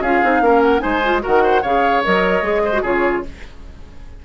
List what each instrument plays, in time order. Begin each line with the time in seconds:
0.00 bassoon C#4, clarinet F4, oboe G#4, flute F5
0.24 bassoon C4, clarinet D#4
0.41 bassoon A#3, clarinet C#4, oboe A#4
0.62 flute F#5
0.79 bassoon G#3, clarinet D#4, oboe C5, flute G#5
1.04 clarinet F4
1.21 bassoon D#3, clarinet F#4, oboe A#4, flute F#5
1.44 oboe C5
1.62 bassoon C#3, clarinet G#4, oboe C#5, flute F5
2.04 bassoon F#3, clarinet A#4, flute D#5
2.42 bassoon G#3, clarinet G#4
2.65 oboe C5
2.73 clarinet F#4
2.82 bassoon C#3, clarinet F4, oboe G#4, flute C#5